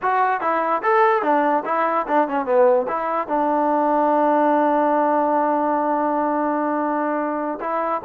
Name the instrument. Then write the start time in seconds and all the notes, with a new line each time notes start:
trombone
0.02 F#4
0.40 E4
0.82 A4
1.22 D4
1.65 E4
2.07 D4
2.28 C#4
2.45 B3
2.88 E4
3.27 D4
7.60 E4